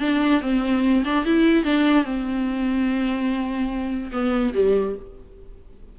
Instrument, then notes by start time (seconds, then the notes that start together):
viola
0.00 D4
0.41 C4
1.04 D4
1.25 E4
1.64 D4
2.04 C4
4.12 B3
4.54 G3